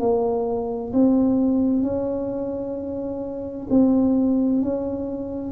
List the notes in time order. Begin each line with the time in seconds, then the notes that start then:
0.00 A#3
0.93 C4
1.83 C#4
3.70 C4
4.62 C#4